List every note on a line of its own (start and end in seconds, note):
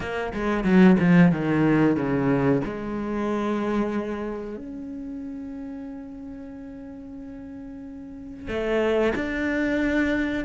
0.00 0.32 A#3
0.33 0.63 G#3
0.63 0.96 F#3
0.99 1.31 F3
1.31 1.96 D#3
1.96 2.61 C#3
2.64 4.57 G#3
4.57 8.48 C#4
8.48 9.13 A3
9.15 10.44 D4